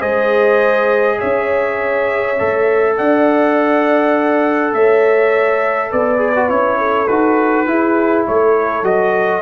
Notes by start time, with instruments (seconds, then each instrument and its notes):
0.00 tuba G#3, trombone G#4, horn C5, trumpet D#5
1.19 tuba C#4, horn C#5, trumpet E5
2.39 tuba A3, trombone A4
2.98 tuba D4, horn D5, trumpet F#5
4.74 tuba A3, horn C#5, trumpet E5
5.91 tuba B3, horn B4, trumpet D5
6.18 trombone G#4
6.36 trombone F#4
6.49 tuba C#4, trombone E4, trumpet C#5
6.78 horn A4
7.08 tuba D#4, trombone F#4, trumpet B4
7.67 trombone E4, tuba E4, horn G#4
8.27 tuba A3, horn A4, trumpet C#5
8.83 tuba F#3, trombone F#4, trumpet D#5